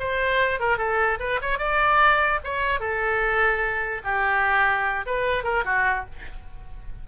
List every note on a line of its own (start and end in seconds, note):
0.00 0.60 C5
0.60 0.78 A#4
0.78 1.19 A4
1.20 1.40 B4
1.42 1.59 C#5
1.59 2.40 D5
2.44 2.80 C#5
2.80 4.02 A4
4.04 5.06 G4
5.07 5.44 B4
5.44 5.64 A#4
5.65 6.06 F#4